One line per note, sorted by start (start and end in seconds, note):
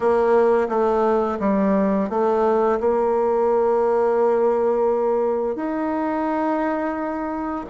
0.00 0.68 A#3
0.68 1.38 A3
1.40 2.09 G3
2.09 2.79 A3
2.80 5.55 A#3
5.55 7.65 D#4